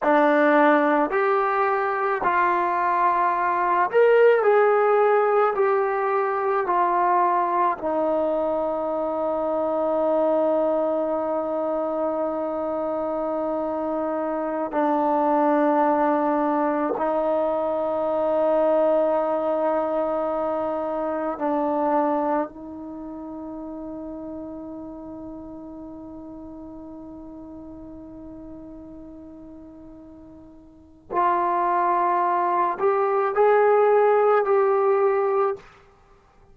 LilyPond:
\new Staff \with { instrumentName = "trombone" } { \time 4/4 \tempo 4 = 54 d'4 g'4 f'4. ais'8 | gis'4 g'4 f'4 dis'4~ | dis'1~ | dis'4~ dis'16 d'2 dis'8.~ |
dis'2.~ dis'16 d'8.~ | d'16 dis'2.~ dis'8.~ | dis'1 | f'4. g'8 gis'4 g'4 | }